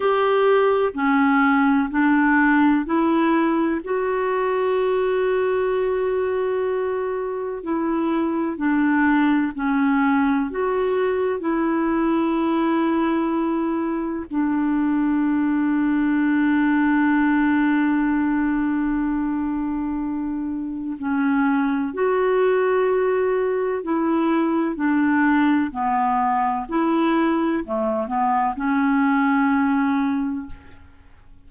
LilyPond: \new Staff \with { instrumentName = "clarinet" } { \time 4/4 \tempo 4 = 63 g'4 cis'4 d'4 e'4 | fis'1 | e'4 d'4 cis'4 fis'4 | e'2. d'4~ |
d'1~ | d'2 cis'4 fis'4~ | fis'4 e'4 d'4 b4 | e'4 a8 b8 cis'2 | }